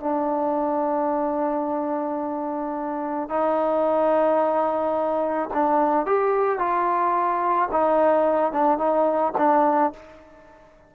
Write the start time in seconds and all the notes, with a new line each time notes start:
0.00 D4
3.29 D#4
5.53 D4
6.06 G4
6.59 F4
7.72 D#4
8.52 D4
8.78 D#4
9.38 D4